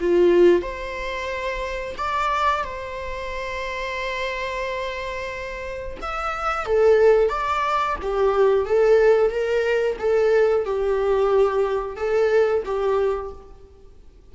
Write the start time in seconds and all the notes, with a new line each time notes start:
0.00 F4
0.62 C5
1.97 D5
2.64 C5
6.02 E5
6.65 A4
7.29 D5
8.02 G4
8.65 A4
9.30 A#4
9.99 A4
10.65 G4
11.96 A4
12.65 G4